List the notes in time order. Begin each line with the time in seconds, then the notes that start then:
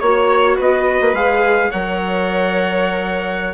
0.00 A#3 F#4 C#5
0.57 B3 B4 D#5
1.01 A#3
1.13 G#3 G#4 F5
1.71 F#3 A#4 C#5 F#5